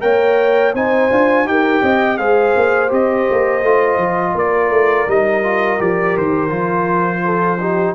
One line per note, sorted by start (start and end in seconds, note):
0.00 0.73 A#3
0.00 0.72 A#4
0.00 0.74 C#5
0.00 0.73 G5
0.73 1.10 C4
0.73 1.10 D#4
0.73 1.47 C5
0.73 1.47 G#5
1.10 1.44 D4
1.10 1.46 F4
1.44 1.81 D#4
1.44 2.18 G4
1.44 1.82 A#4
1.44 2.17 G5
1.82 2.18 C4
1.82 2.18 D#5
2.17 2.54 G#3
2.17 2.88 G#4
2.17 4.36 C5
2.17 2.90 F5
2.56 2.91 A#3
2.88 3.27 C4
2.88 3.61 G4
2.88 4.38 D#5
3.30 3.62 A#3
3.62 3.97 A3
3.62 5.08 F4
3.97 4.33 F3
4.34 4.70 A#3
4.34 7.25 A#4
4.34 5.10 D5
4.70 5.06 A3
5.07 5.79 G3
5.07 5.43 D#4
5.07 5.81 D#5
5.43 5.78 F4
5.78 6.17 F3
5.78 6.49 G4
5.78 6.17 D5
6.17 6.50 D#3
6.17 7.94 C5
6.49 7.94 F3
6.49 7.58 F4
7.25 7.59 A4
7.59 7.94 D#4
7.59 7.94 G4